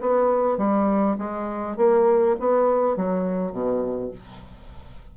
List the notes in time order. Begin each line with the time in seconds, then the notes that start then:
0.00 B3
0.57 G3
1.18 G#3
1.76 A#3
2.39 B3
2.96 F#3
3.52 B2